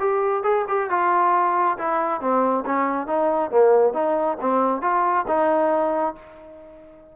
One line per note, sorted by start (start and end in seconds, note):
0.00 0.44 G4
0.44 0.66 G#4
0.68 0.90 G4
0.91 1.78 F4
1.78 2.21 E4
2.21 2.65 C4
2.66 3.07 C#4
3.07 3.51 D#4
3.52 3.94 A#3
3.94 4.38 D#4
4.41 4.82 C4
4.82 5.26 F4
5.28 6.16 D#4